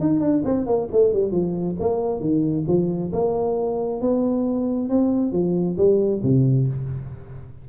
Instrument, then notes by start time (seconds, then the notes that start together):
tuba
0.00 D#4
0.20 D4
0.44 C4
0.66 A#3
0.91 A3
1.13 G3
1.31 F3
1.80 A#3
2.20 D#3
2.67 F3
3.12 A#3
4.01 B3
4.89 C4
5.32 F3
5.77 G3
6.23 C3